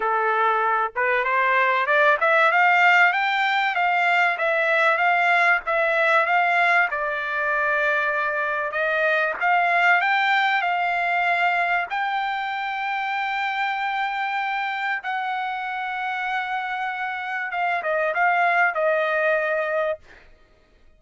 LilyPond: \new Staff \with { instrumentName = "trumpet" } { \time 4/4 \tempo 4 = 96 a'4. b'8 c''4 d''8 e''8 | f''4 g''4 f''4 e''4 | f''4 e''4 f''4 d''4~ | d''2 dis''4 f''4 |
g''4 f''2 g''4~ | g''1 | fis''1 | f''8 dis''8 f''4 dis''2 | }